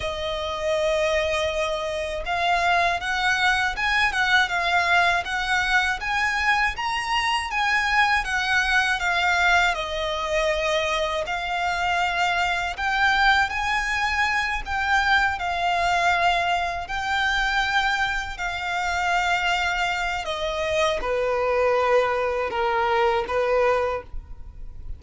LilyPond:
\new Staff \with { instrumentName = "violin" } { \time 4/4 \tempo 4 = 80 dis''2. f''4 | fis''4 gis''8 fis''8 f''4 fis''4 | gis''4 ais''4 gis''4 fis''4 | f''4 dis''2 f''4~ |
f''4 g''4 gis''4. g''8~ | g''8 f''2 g''4.~ | g''8 f''2~ f''8 dis''4 | b'2 ais'4 b'4 | }